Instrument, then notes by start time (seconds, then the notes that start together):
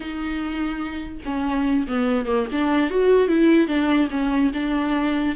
viola
0.00 D#4
1.25 C#4
1.87 B3
2.25 A#3
2.51 D4
2.90 F#4
3.28 E4
3.67 D4
4.10 C#4
4.53 D4